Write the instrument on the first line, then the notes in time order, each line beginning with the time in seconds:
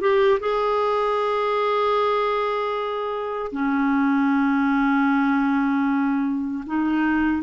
clarinet
0.00 G4
0.40 G#4
3.52 C#4
6.66 D#4